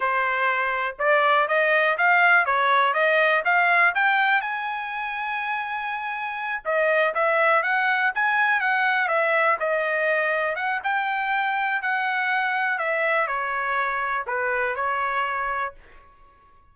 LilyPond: \new Staff \with { instrumentName = "trumpet" } { \time 4/4 \tempo 4 = 122 c''2 d''4 dis''4 | f''4 cis''4 dis''4 f''4 | g''4 gis''2.~ | gis''4. dis''4 e''4 fis''8~ |
fis''8 gis''4 fis''4 e''4 dis''8~ | dis''4. fis''8 g''2 | fis''2 e''4 cis''4~ | cis''4 b'4 cis''2 | }